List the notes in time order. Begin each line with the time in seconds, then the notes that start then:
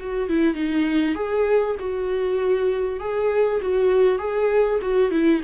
0.00 F#4
0.29 E4
0.55 D#4
1.15 G#4
1.80 F#4
3.00 G#4
3.61 F#4
4.19 G#4
4.82 F#4
5.11 E4